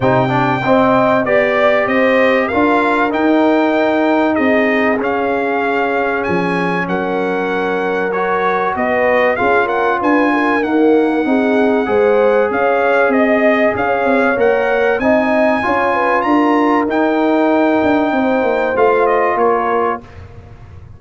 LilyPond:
<<
  \new Staff \with { instrumentName = "trumpet" } { \time 4/4 \tempo 4 = 96 g''2 d''4 dis''4 | f''4 g''2 dis''4 | f''2 gis''4 fis''4~ | fis''4 cis''4 dis''4 f''8 fis''8 |
gis''4 fis''2. | f''4 dis''4 f''4 fis''4 | gis''2 ais''4 g''4~ | g''2 f''8 dis''8 cis''4 | }
  \new Staff \with { instrumentName = "horn" } { \time 4/4 c''8 d''8 dis''4 d''4 c''4 | ais'2. gis'4~ | gis'2. ais'4~ | ais'2 b'4 gis'8 ais'8 |
b'8 ais'4. gis'4 c''4 | cis''4 dis''4 cis''2 | dis''4 cis''8 b'8 ais'2~ | ais'4 c''2 ais'4 | }
  \new Staff \with { instrumentName = "trombone" } { \time 4/4 dis'8 d'8 c'4 g'2 | f'4 dis'2. | cis'1~ | cis'4 fis'2 f'4~ |
f'4 ais4 dis'4 gis'4~ | gis'2. ais'4 | dis'4 f'2 dis'4~ | dis'2 f'2 | }
  \new Staff \with { instrumentName = "tuba" } { \time 4/4 c4 c'4 b4 c'4 | d'4 dis'2 c'4 | cis'2 f4 fis4~ | fis2 b4 cis'4 |
d'4 dis'4 c'4 gis4 | cis'4 c'4 cis'8 c'8 ais4 | c'4 cis'4 d'4 dis'4~ | dis'8 d'8 c'8 ais8 a4 ais4 | }
>>